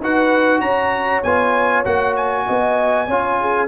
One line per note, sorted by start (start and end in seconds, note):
0.00 0.61 D#4
0.00 1.25 F#4
0.00 0.61 B4
0.00 0.61 F#5
0.61 1.22 C#4
0.61 2.45 C#5
0.61 1.22 A#5
1.23 1.85 B3
1.23 1.85 F4
1.23 1.85 G#5
1.85 2.47 A#3
1.85 3.07 F#4
1.85 2.16 F#5
2.16 3.68 G#5
2.47 3.08 B3
2.47 3.07 D#5
3.07 3.68 C#4
3.07 3.68 F4
3.07 3.38 C#5
3.40 3.68 G#4